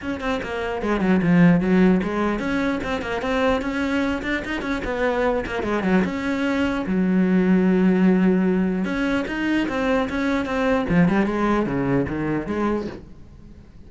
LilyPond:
\new Staff \with { instrumentName = "cello" } { \time 4/4 \tempo 4 = 149 cis'8 c'8 ais4 gis8 fis8 f4 | fis4 gis4 cis'4 c'8 ais8 | c'4 cis'4. d'8 dis'8 cis'8 | b4. ais8 gis8 fis8 cis'4~ |
cis'4 fis2.~ | fis2 cis'4 dis'4 | c'4 cis'4 c'4 f8 g8 | gis4 cis4 dis4 gis4 | }